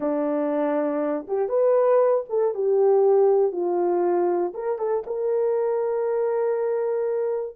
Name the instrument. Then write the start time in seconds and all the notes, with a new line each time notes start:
horn
0.00 D4
1.27 G4
1.48 B4
2.29 A4
2.54 G4
3.52 F4
4.54 A#4
4.78 A4
5.06 A#4